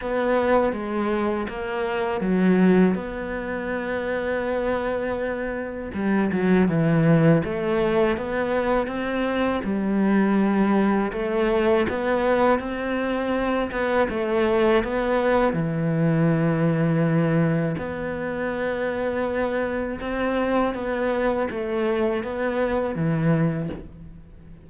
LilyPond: \new Staff \with { instrumentName = "cello" } { \time 4/4 \tempo 4 = 81 b4 gis4 ais4 fis4 | b1 | g8 fis8 e4 a4 b4 | c'4 g2 a4 |
b4 c'4. b8 a4 | b4 e2. | b2. c'4 | b4 a4 b4 e4 | }